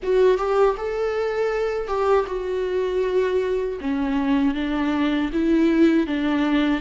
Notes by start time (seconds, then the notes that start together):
0.02 F#4
0.37 G4
0.77 A4
1.87 G4
2.26 F#4
3.80 C#4
4.54 D4
5.32 E4
6.06 D4